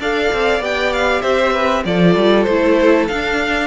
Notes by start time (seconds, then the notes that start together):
0.00 D4 A4 D5 F5
0.34 C4
0.60 B3 G4 G5
0.93 F5
1.22 C4 C5 E5
1.53 B4
1.85 F3 F4 A4 D5
2.16 G3
2.44 A3 E4 C5
3.08 D4 F5